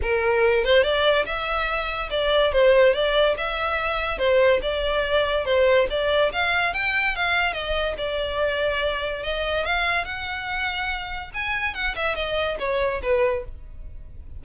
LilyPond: \new Staff \with { instrumentName = "violin" } { \time 4/4 \tempo 4 = 143 ais'4. c''8 d''4 e''4~ | e''4 d''4 c''4 d''4 | e''2 c''4 d''4~ | d''4 c''4 d''4 f''4 |
g''4 f''4 dis''4 d''4~ | d''2 dis''4 f''4 | fis''2. gis''4 | fis''8 e''8 dis''4 cis''4 b'4 | }